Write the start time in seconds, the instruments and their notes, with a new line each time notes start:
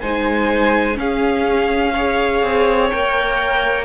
0.00 cello G#3, viola D#4, violin C5 G#5
0.94 viola C#4, cello C#4, violin G#4 F5
1.93 viola G#4, violin C#5
2.43 cello C4
2.90 cello A#3, viola A#4, violin G5